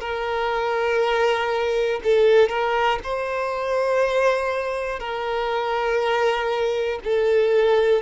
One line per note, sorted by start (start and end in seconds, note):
0.00 2.00 A#4
2.04 2.49 A4
2.49 2.99 A#4
3.04 4.99 C5
4.99 6.99 A#4
7.04 8.02 A4